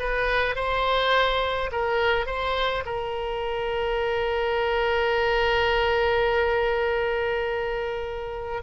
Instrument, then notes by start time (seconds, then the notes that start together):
oboe
0.00 B4
0.56 C5
1.72 A#4
2.27 C5
2.86 A#4